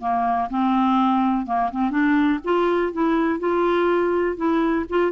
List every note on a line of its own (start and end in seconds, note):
0.00 0.49 A#3
0.50 1.46 C4
1.46 1.71 A#3
1.71 1.90 C4
1.90 2.39 D4
2.44 2.92 F4
2.92 3.39 E4
3.39 4.37 F4
4.37 4.85 E4
4.89 5.12 F4